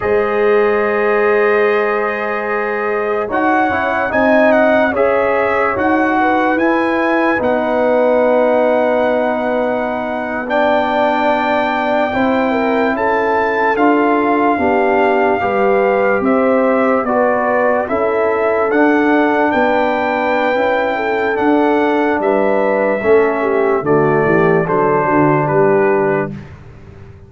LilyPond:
<<
  \new Staff \with { instrumentName = "trumpet" } { \time 4/4 \tempo 4 = 73 dis''1 | fis''4 gis''8 fis''8 e''4 fis''4 | gis''4 fis''2.~ | fis''8. g''2. a''16~ |
a''8. f''2. e''16~ | e''8. d''4 e''4 fis''4 g''16~ | g''2 fis''4 e''4~ | e''4 d''4 c''4 b'4 | }
  \new Staff \with { instrumentName = "horn" } { \time 4/4 c''1 | cis''4 dis''4 cis''4. b'8~ | b'1~ | b'8. d''2 c''8 ais'8 a'16~ |
a'4.~ a'16 g'4 b'4 c''16~ | c''8. b'4 a'2 b'16~ | b'4. a'4. b'4 | a'8 g'8 fis'8 g'8 a'8 fis'8 g'4 | }
  \new Staff \with { instrumentName = "trombone" } { \time 4/4 gis'1 | fis'8 e'8 dis'4 gis'4 fis'4 | e'4 dis'2.~ | dis'8. d'2 e'4~ e'16~ |
e'8. f'4 d'4 g'4~ g'16~ | g'8. fis'4 e'4 d'4~ d'16~ | d'4 e'4 d'2 | cis'4 a4 d'2 | }
  \new Staff \with { instrumentName = "tuba" } { \time 4/4 gis1 | dis'8 cis'8 c'4 cis'4 dis'4 | e'4 b2.~ | b2~ b8. c'4 cis'16~ |
cis'8. d'4 b4 g4 c'16~ | c'8. b4 cis'4 d'4 b16~ | b4 cis'4 d'4 g4 | a4 d8 e8 fis8 d8 g4 | }
>>